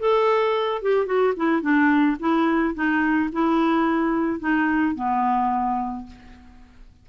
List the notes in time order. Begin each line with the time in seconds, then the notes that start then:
0.00 A4
0.83 G4
1.06 F#4
1.37 E4
1.62 D4
2.20 E4
2.75 D#4
3.33 E4
4.40 D#4
4.96 B3